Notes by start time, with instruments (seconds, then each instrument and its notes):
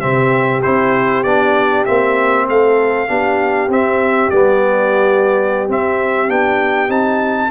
0.00 tuba C3, trombone C4, horn G4, trumpet E5
0.62 tuba C4, trombone E4, trumpet C5
1.23 tuba B3, trombone D4, trumpet D5
1.85 tuba A#3, trombone C4, trumpet E5
2.48 tuba A3, horn A4, trumpet F5
3.08 tuba B3, trombone D4, horn G4
3.68 tuba C4, trombone C4, trumpet E5
4.30 tuba G3, trombone B3, trumpet D5
5.68 tuba C4, trombone C4, trumpet E5
6.28 tuba B3, trombone D4, trumpet G5
6.88 tuba C4, trombone D#4, trumpet A5